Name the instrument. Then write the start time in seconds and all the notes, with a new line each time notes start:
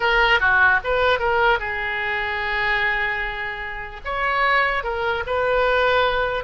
oboe
0.00 A#4
0.39 F#4
0.84 B4
1.19 A#4
1.59 G#4
4.04 C#5
4.83 A#4
5.26 B4